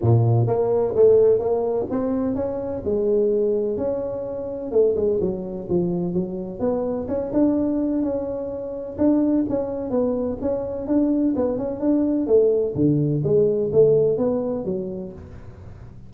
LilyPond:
\new Staff \with { instrumentName = "tuba" } { \time 4/4 \tempo 4 = 127 ais,4 ais4 a4 ais4 | c'4 cis'4 gis2 | cis'2 a8 gis8 fis4 | f4 fis4 b4 cis'8 d'8~ |
d'4 cis'2 d'4 | cis'4 b4 cis'4 d'4 | b8 cis'8 d'4 a4 d4 | gis4 a4 b4 fis4 | }